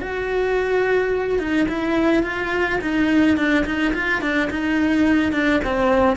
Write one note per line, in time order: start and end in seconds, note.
0.00 1.38 F#4
1.38 1.66 D#4
1.68 2.23 E4
2.23 2.79 F4
2.81 3.37 D#4
3.37 3.65 D4
3.65 3.93 D#4
3.93 4.21 F4
4.21 4.49 D4
4.50 5.32 D#4
5.32 5.60 D4
5.64 6.16 C4